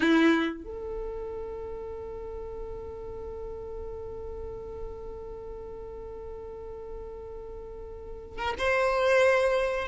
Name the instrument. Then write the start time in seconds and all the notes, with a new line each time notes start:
violin
0.00 E4
0.63 A4
8.38 A#4
8.58 C5